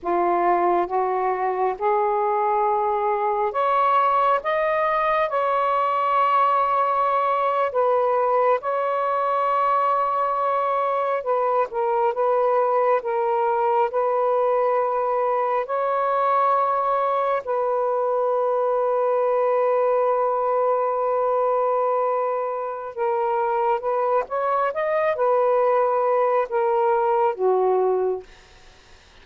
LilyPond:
\new Staff \with { instrumentName = "saxophone" } { \time 4/4 \tempo 4 = 68 f'4 fis'4 gis'2 | cis''4 dis''4 cis''2~ | cis''8. b'4 cis''2~ cis''16~ | cis''8. b'8 ais'8 b'4 ais'4 b'16~ |
b'4.~ b'16 cis''2 b'16~ | b'1~ | b'2 ais'4 b'8 cis''8 | dis''8 b'4. ais'4 fis'4 | }